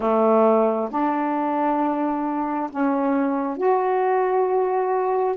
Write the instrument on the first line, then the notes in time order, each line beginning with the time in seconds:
saxophone
0.00 A3
0.90 D4
2.70 C#4
3.57 F#4